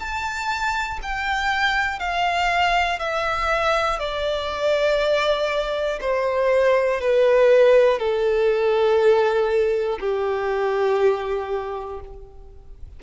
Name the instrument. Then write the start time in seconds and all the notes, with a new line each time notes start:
violin
0.00 A5
1.03 G5
2.00 F5
3.00 E5
4.00 D5
6.01 C5
7.01 B4
8.00 A4
10.01 G4